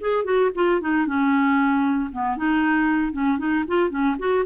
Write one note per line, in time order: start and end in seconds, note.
0.00 0.24 G#4
0.24 0.50 F#4
0.54 0.80 F4
0.80 1.06 D#4
1.06 2.10 C#4
2.12 2.36 B3
2.36 3.12 D#4
3.12 3.38 C#4
3.38 3.64 D#4
3.67 3.89 F4
3.89 4.15 C#4
4.18 4.44 F#4